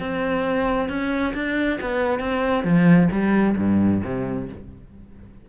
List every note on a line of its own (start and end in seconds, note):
0.00 0.90 C4
0.90 1.34 C#4
1.35 1.80 D4
1.81 2.20 B3
2.20 2.64 C4
2.64 3.09 F3
3.12 3.57 G3
3.58 4.03 G2
4.05 4.49 C3